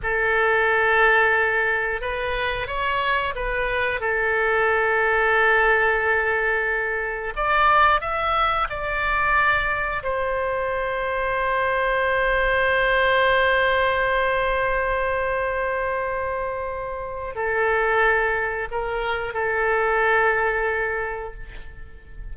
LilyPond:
\new Staff \with { instrumentName = "oboe" } { \time 4/4 \tempo 4 = 90 a'2. b'4 | cis''4 b'4 a'2~ | a'2. d''4 | e''4 d''2 c''4~ |
c''1~ | c''1~ | c''2 a'2 | ais'4 a'2. | }